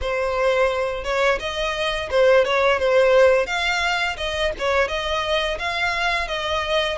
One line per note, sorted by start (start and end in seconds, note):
0.01 1.04 C5
1.04 1.39 C#5
1.39 2.09 D#5
2.10 2.45 C5
2.45 2.79 C#5
2.79 3.46 C5
3.46 4.16 F5
4.17 4.52 D#5
4.58 4.88 C#5
4.88 5.58 D#5
5.58 6.27 F5
6.27 6.97 D#5